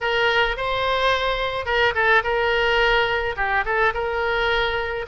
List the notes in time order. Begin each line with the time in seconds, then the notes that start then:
0.00 A#4
0.56 C5
1.65 A#4
1.94 A4
2.23 A#4
3.36 G4
3.65 A4
3.94 A#4